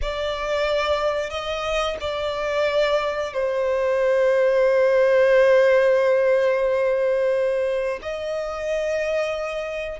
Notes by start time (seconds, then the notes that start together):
0.01 D5
1.30 D#5
2.00 D5
3.33 C5
8.02 D#5